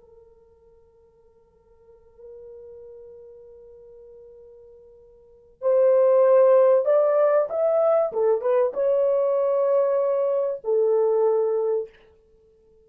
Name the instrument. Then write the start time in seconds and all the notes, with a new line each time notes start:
horn
0.00 A#4
5.61 C5
6.85 D5
7.49 E5
8.12 A4
8.41 B4
8.74 C#5
10.64 A4